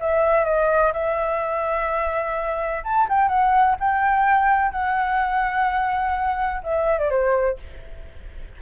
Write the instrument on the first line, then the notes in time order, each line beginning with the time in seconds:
flute
0.00 E5
0.45 D#5
0.93 E5
2.84 A5
3.09 G5
3.28 F#5
3.79 G5
4.71 F#5
6.63 E5
6.99 D5
7.10 C5